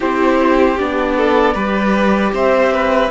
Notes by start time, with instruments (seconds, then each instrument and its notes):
0.00 cello C4, viola E4, violin G4, flute C5
0.78 cello B3, viola D4, flute D5
1.17 violin A4
1.53 cello G3, viola G4, violin B4
2.33 cello C4, violin C5, flute E5
2.73 violin B4